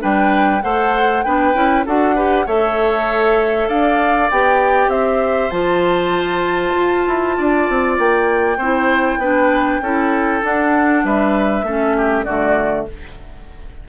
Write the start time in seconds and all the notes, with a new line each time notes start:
0.00 G3 D4 B4 G5
0.62 A3 A4 C5 F#5
1.23 B3 D4 B4 G5
1.54 C#4 E4
1.86 D4 F#4 A4 F#5
2.15 G4 B4
2.46 A3 A4 C#5 E5
3.68 D4 D5 F5
4.31 B3 G4 G5
4.87 C4 C5 E5
5.50 F3 F4 A5
6.76 F4
7.07 E4
7.38 D4 D5
7.69 C4
7.98 A#3 G5
8.58 C4 E4 C5
9.17 B3 D4 B4
9.81 C#4 E4 A4
10.42 D4 F#5
11.04 G3 B4 E5
11.63 A3 C#4 A4
11.97 G4
12.24 D3 A3 F#4 D5